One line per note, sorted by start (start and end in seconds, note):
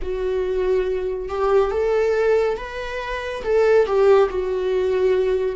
0.02 1.28 F#4
1.28 1.71 G4
1.71 2.57 A4
2.57 3.42 B4
3.43 3.86 A4
3.86 4.29 G4
4.29 5.56 F#4